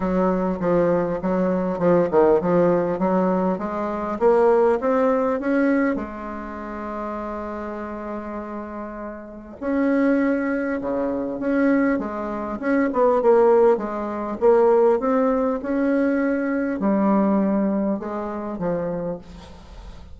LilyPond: \new Staff \with { instrumentName = "bassoon" } { \time 4/4 \tempo 4 = 100 fis4 f4 fis4 f8 dis8 | f4 fis4 gis4 ais4 | c'4 cis'4 gis2~ | gis1 |
cis'2 cis4 cis'4 | gis4 cis'8 b8 ais4 gis4 | ais4 c'4 cis'2 | g2 gis4 f4 | }